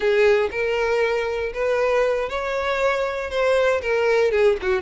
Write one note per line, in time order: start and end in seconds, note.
0.00 0.49 G#4
0.51 1.53 A#4
1.53 2.29 B4
2.29 3.30 C#5
3.30 3.81 C5
3.81 4.31 A#4
4.31 4.56 G#4
4.62 4.81 F#4